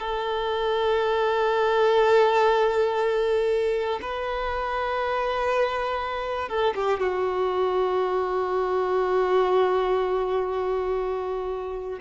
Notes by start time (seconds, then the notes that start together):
0.00 A4
4.01 B4
6.49 A4
6.75 G4
7.00 F#4